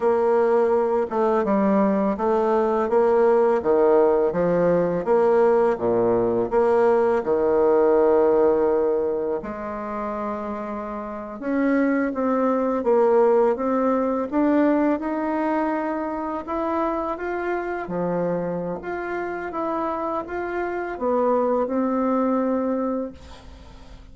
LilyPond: \new Staff \with { instrumentName = "bassoon" } { \time 4/4 \tempo 4 = 83 ais4. a8 g4 a4 | ais4 dis4 f4 ais4 | ais,4 ais4 dis2~ | dis4 gis2~ gis8. cis'16~ |
cis'8. c'4 ais4 c'4 d'16~ | d'8. dis'2 e'4 f'16~ | f'8. f4~ f16 f'4 e'4 | f'4 b4 c'2 | }